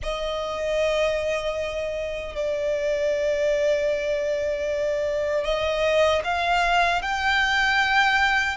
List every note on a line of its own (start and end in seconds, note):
0.02 2.35 D#5
2.35 5.44 D5
5.44 6.22 D#5
6.24 7.02 F5
7.02 8.56 G5